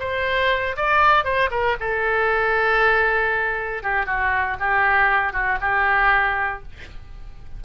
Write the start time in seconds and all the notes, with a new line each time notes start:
0.00 C5
0.77 D5
1.25 C5
1.51 A#4
1.81 A4
3.83 G4
4.06 F#4
4.60 G4
5.33 F#4
5.61 G4